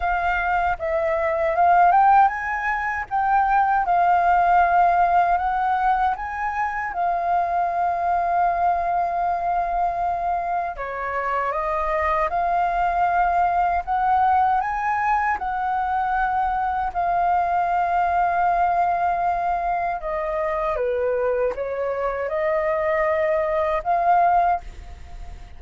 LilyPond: \new Staff \with { instrumentName = "flute" } { \time 4/4 \tempo 4 = 78 f''4 e''4 f''8 g''8 gis''4 | g''4 f''2 fis''4 | gis''4 f''2.~ | f''2 cis''4 dis''4 |
f''2 fis''4 gis''4 | fis''2 f''2~ | f''2 dis''4 b'4 | cis''4 dis''2 f''4 | }